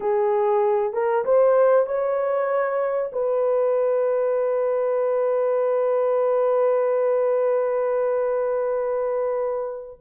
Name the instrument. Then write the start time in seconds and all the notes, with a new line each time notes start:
horn
0.00 G#4
0.93 A#4
1.24 C5
1.86 C#5
3.12 B4